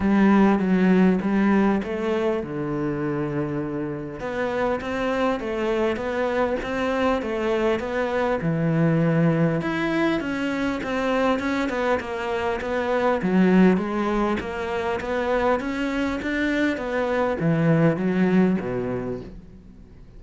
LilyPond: \new Staff \with { instrumentName = "cello" } { \time 4/4 \tempo 4 = 100 g4 fis4 g4 a4 | d2. b4 | c'4 a4 b4 c'4 | a4 b4 e2 |
e'4 cis'4 c'4 cis'8 b8 | ais4 b4 fis4 gis4 | ais4 b4 cis'4 d'4 | b4 e4 fis4 b,4 | }